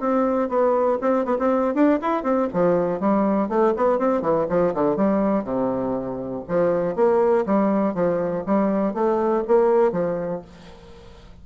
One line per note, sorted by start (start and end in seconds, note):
0.00 0.48 C4
0.48 0.98 B3
1.01 1.25 C4
1.25 1.37 B3
1.38 1.74 C4
1.74 1.99 D4
2.02 2.23 E4
2.23 2.48 C4
2.53 3.00 F3
3.00 3.49 G3
3.49 3.73 A3
3.76 3.98 B3
3.98 4.21 C4
4.21 4.46 E3
4.49 4.74 F3
4.74 4.96 D3
4.96 5.44 G3
5.44 6.43 C3
6.48 6.95 F3
6.95 7.45 A#3
7.46 7.94 G3
7.94 8.44 F3
8.46 8.94 G3
8.94 9.43 A3
9.47 9.92 A#3
9.92 10.41 F3